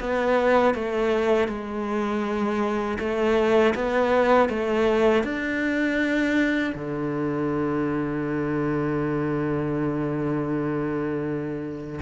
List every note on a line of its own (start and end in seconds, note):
0.00 0.74 B3
0.74 1.48 A3
1.48 2.98 G#3
2.99 3.74 A3
3.75 4.49 B3
4.49 5.24 A3
5.24 6.74 D4
6.75 12.00 D3